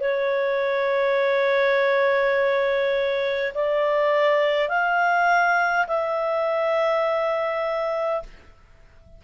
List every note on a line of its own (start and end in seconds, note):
0.00 3.53 C#5
3.55 4.69 D5
4.69 5.87 F5
5.87 8.22 E5